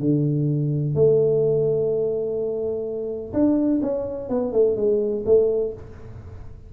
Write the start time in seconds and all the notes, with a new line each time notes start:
0.00 D3
0.95 A3
3.33 D4
3.82 C#4
4.30 B3
4.53 A3
4.77 G#3
5.26 A3